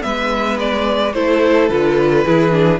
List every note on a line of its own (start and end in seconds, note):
0.00 1.14 G#3
0.00 1.11 B3
0.00 1.14 B4
0.00 0.58 E5
0.60 1.14 D5
1.14 1.70 A3
1.14 1.70 E4
1.14 2.25 A4
1.14 1.69 C5
1.69 2.25 D3
1.69 2.26 F4
1.69 2.80 B4
2.25 2.80 E3
2.25 2.51 E4
2.25 2.80 G#4
2.51 2.79 D4